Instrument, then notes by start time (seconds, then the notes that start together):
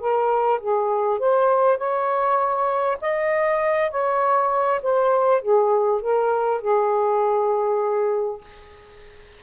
saxophone
0.00 A#4
0.61 G#4
1.19 C5
1.78 C#5
3.01 D#5
3.91 C#5
4.83 C5
5.42 G#4
6.01 A#4
6.61 G#4